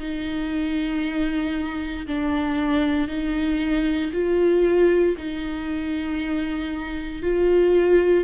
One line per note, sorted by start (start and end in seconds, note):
0.00 2.07 D#4
2.07 3.08 D4
3.08 4.12 D#4
4.13 5.17 F4
5.18 7.23 D#4
7.23 8.25 F4